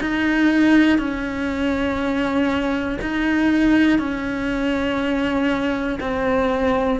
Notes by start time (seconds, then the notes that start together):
0.00 D#4
0.98 C#4
3.01 D#4
3.99 C#4
6.00 C4